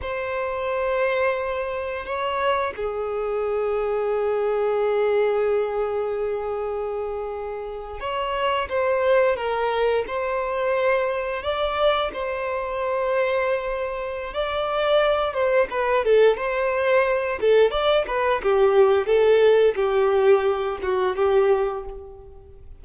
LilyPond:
\new Staff \with { instrumentName = "violin" } { \time 4/4 \tempo 4 = 88 c''2. cis''4 | gis'1~ | gis'2.~ gis'8. cis''16~ | cis''8. c''4 ais'4 c''4~ c''16~ |
c''8. d''4 c''2~ c''16~ | c''4 d''4. c''8 b'8 a'8 | c''4. a'8 d''8 b'8 g'4 | a'4 g'4. fis'8 g'4 | }